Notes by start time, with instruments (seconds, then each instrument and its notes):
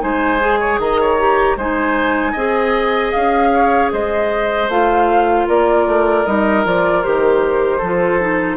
0.00 bassoon G#3, clarinet D#4, oboe C5, flute G#5
0.40 clarinet G#4
0.60 oboe C#5
0.79 bassoon D#3, oboe D#5, flute A#5
1.01 oboe C#5
1.19 clarinet G4
1.56 bassoon G#3, clarinet D#4, oboe C5, flute G#5
2.32 bassoon C4, clarinet G#4, oboe D#5
3.12 bassoon C#4, flute F5
3.54 oboe C#5
3.92 bassoon G#3, oboe C5, flute D#5
4.68 bassoon A3, clarinet F4, flute F5
5.48 bassoon A#3, oboe A#4, flute D5
5.87 bassoon A3
6.26 bassoon G3, clarinet D#4, flute D#5
6.64 bassoon F3, clarinet F4, flute D5
7.03 bassoon D#3, clarinet G4, flute C5
7.78 bassoon F3, oboe A4
7.84 clarinet F4
8.20 clarinet D#4